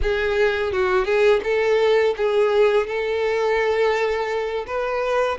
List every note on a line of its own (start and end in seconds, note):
0.02 0.72 G#4
0.72 1.05 F#4
1.05 1.40 G#4
1.43 2.14 A4
2.16 2.86 G#4
2.86 4.65 A4
4.66 5.38 B4